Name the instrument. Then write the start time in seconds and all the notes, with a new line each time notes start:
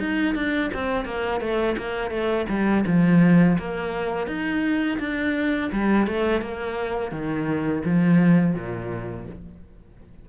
cello
0.00 D#4
0.35 D4
0.74 C4
1.06 A#3
1.41 A3
1.78 A#3
2.11 A3
2.49 G3
2.87 F3
3.59 A#3
4.27 D#4
5.00 D4
5.72 G3
6.07 A3
6.42 A#3
7.12 D#3
7.85 F3
8.55 A#2